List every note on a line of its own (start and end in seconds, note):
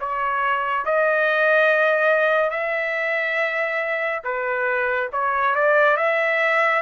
0.00 0.85 C#5
0.85 2.50 D#5
2.50 4.22 E5
4.24 5.10 B4
5.12 5.55 C#5
5.55 5.96 D5
5.96 6.81 E5